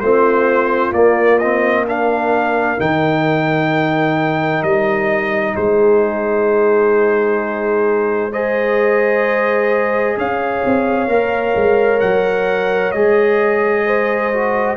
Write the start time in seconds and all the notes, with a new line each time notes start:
0.00 A3 C4 F4 C5
0.92 A#3 D5
1.38 C4 D#5
1.86 D4 A#4 F5
2.77 D#3 D#4 G5
4.62 G3 D#5
5.56 G#3 G#4 C5
8.32 G#4 C5 D#5
10.17 C#4 C#5 F5
10.65 C4
11.07 A#3 A#4
11.55 G#3
12.00 F#3 F#5
12.91 G#3 G#4 D#5
13.86 C5
14.33 F#4